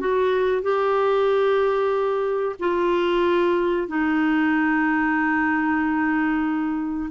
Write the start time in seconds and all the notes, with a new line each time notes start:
0.00 F#4
0.62 G4
2.60 F4
3.88 D#4